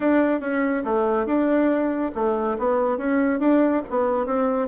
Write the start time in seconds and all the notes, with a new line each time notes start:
0.00 D4
0.40 C#4
0.84 A3
1.25 D4
2.14 A3
2.58 B3
2.97 C#4
3.39 D4
3.90 B3
4.25 C4